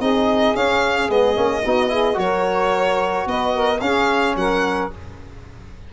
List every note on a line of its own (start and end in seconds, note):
0.00 0.55 C4
0.00 0.55 D#4
0.00 1.64 G#4
0.00 0.56 D#5
0.55 1.09 C#4
0.55 1.10 F5
1.09 1.37 G#3
1.09 1.35 B3
1.09 2.19 D#5
1.35 1.65 A#3
1.35 1.62 C#4
1.64 2.17 B3
1.64 1.89 D#4
1.64 1.91 F#4
1.89 2.14 E4
1.89 2.19 G#4
2.14 3.26 F#3
2.14 3.78 F#4
2.14 3.27 A#4
2.14 3.28 C#5
3.26 3.81 B3
3.26 3.53 B4
3.26 3.80 D#5
3.53 3.81 A#4
3.80 4.36 C#4
3.80 4.91 C#4
3.80 4.37 G#4
3.80 4.35 F5
4.36 4.90 F#3
4.36 4.93 A#4
4.36 4.92 F#5